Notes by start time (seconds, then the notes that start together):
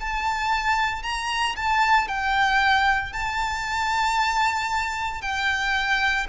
0.00 A5
1.02 A#5
1.56 A5
2.08 G5
3.12 A5
5.21 G5